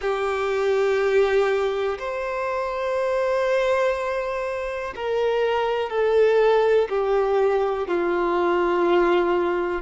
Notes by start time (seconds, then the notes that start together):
0.01 G4
1.99 C5
4.95 A#4
5.90 A4
6.89 G4
7.87 F4